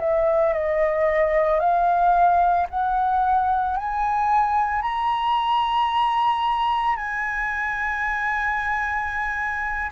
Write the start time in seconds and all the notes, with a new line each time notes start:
0.00 E5
0.54 D#5
1.60 F5
2.70 F#5
3.77 G#5
4.82 A#5
6.96 G#5